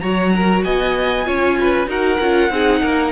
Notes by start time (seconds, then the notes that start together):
0.00 F#3 F#4 C#5 A#5
0.36 A#4
0.64 B3 D#5 G#5
1.24 C#4 F4 C#5
1.60 B4
1.87 D#4 F#4 A#4 F#5
2.21 C#4 F4
2.50 C4 D#4 G#4
2.82 A#3 A#4